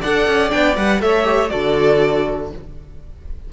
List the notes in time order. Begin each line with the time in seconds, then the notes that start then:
0.00 D4 A4 D5 F#5
0.27 C#4
0.49 B3 D4 G5
0.76 G3 B4 F#5
1.00 A3 A4 C#5 E5
1.24 G4
1.49 D3 F#4 A4 D5